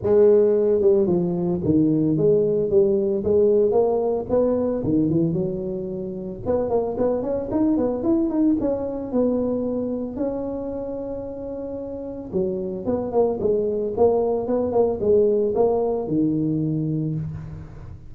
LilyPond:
\new Staff \with { instrumentName = "tuba" } { \time 4/4 \tempo 4 = 112 gis4. g8 f4 dis4 | gis4 g4 gis4 ais4 | b4 dis8 e8 fis2 | b8 ais8 b8 cis'8 dis'8 b8 e'8 dis'8 |
cis'4 b2 cis'4~ | cis'2. fis4 | b8 ais8 gis4 ais4 b8 ais8 | gis4 ais4 dis2 | }